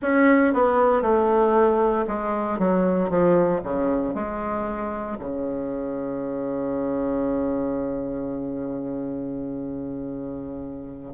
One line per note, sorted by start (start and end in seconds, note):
0.02 0.53 C#4
0.53 1.02 B3
1.02 2.05 A3
2.07 2.59 G#3
2.59 3.09 F#3
3.09 3.61 F3
3.63 4.14 C#3
4.14 5.17 G#3
5.18 11.13 C#3